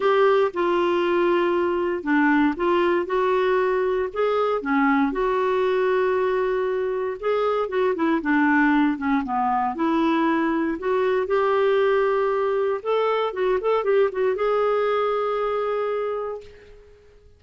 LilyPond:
\new Staff \with { instrumentName = "clarinet" } { \time 4/4 \tempo 4 = 117 g'4 f'2. | d'4 f'4 fis'2 | gis'4 cis'4 fis'2~ | fis'2 gis'4 fis'8 e'8 |
d'4. cis'8 b4 e'4~ | e'4 fis'4 g'2~ | g'4 a'4 fis'8 a'8 g'8 fis'8 | gis'1 | }